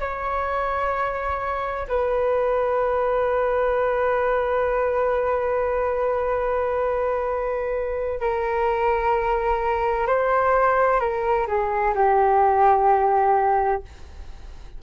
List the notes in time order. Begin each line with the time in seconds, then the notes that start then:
0.00 C#5
1.88 B4
8.21 A#4
10.07 C5
11.00 A#4
11.48 G#4
11.95 G4